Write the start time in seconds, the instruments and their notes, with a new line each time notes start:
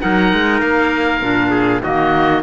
0.00 cello F#3, clarinet D#4, trumpet A#4, oboe F#5
0.33 cello G#3
0.61 cello A#3, oboe F5
1.21 cello A#2, clarinet D4
1.50 trumpet G#4
1.83 cello D#3, clarinet A#3, trumpet F#4, oboe D#5